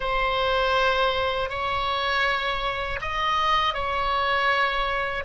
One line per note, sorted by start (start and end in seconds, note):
0.00 1.49 C5
1.49 2.99 C#5
3.01 3.73 D#5
3.73 5.23 C#5